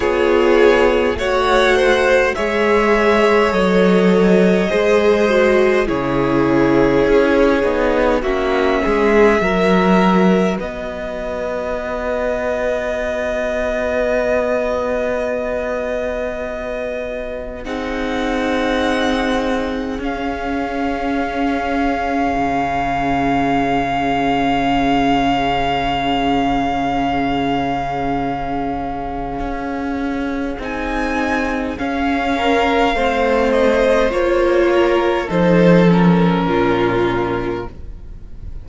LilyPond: <<
  \new Staff \with { instrumentName = "violin" } { \time 4/4 \tempo 4 = 51 cis''4 fis''4 e''4 dis''4~ | dis''4 cis''2 e''4~ | e''4 dis''2.~ | dis''2. fis''4~ |
fis''4 f''2.~ | f''1~ | f''2 gis''4 f''4~ | f''8 dis''8 cis''4 c''8 ais'4. | }
  \new Staff \with { instrumentName = "violin" } { \time 4/4 gis'4 cis''8 c''8 cis''2 | c''4 gis'2 fis'8 gis'8 | ais'4 b'2.~ | b'2. gis'4~ |
gis'1~ | gis'1~ | gis'2.~ gis'8 ais'8 | c''4. ais'8 a'4 f'4 | }
  \new Staff \with { instrumentName = "viola" } { \time 4/4 f'4 fis'4 gis'4 a'4 | gis'8 fis'8 e'4. dis'8 cis'4 | fis'1~ | fis'2. dis'4~ |
dis'4 cis'2.~ | cis'1~ | cis'2 dis'4 cis'4 | c'4 f'4 dis'8 cis'4. | }
  \new Staff \with { instrumentName = "cello" } { \time 4/4 b4 a4 gis4 fis4 | gis4 cis4 cis'8 b8 ais8 gis8 | fis4 b2.~ | b2. c'4~ |
c'4 cis'2 cis4~ | cis1~ | cis4 cis'4 c'4 cis'4 | a4 ais4 f4 ais,4 | }
>>